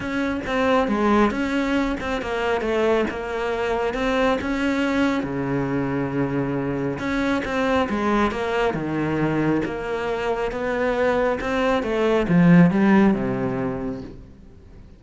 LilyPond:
\new Staff \with { instrumentName = "cello" } { \time 4/4 \tempo 4 = 137 cis'4 c'4 gis4 cis'4~ | cis'8 c'8 ais4 a4 ais4~ | ais4 c'4 cis'2 | cis1 |
cis'4 c'4 gis4 ais4 | dis2 ais2 | b2 c'4 a4 | f4 g4 c2 | }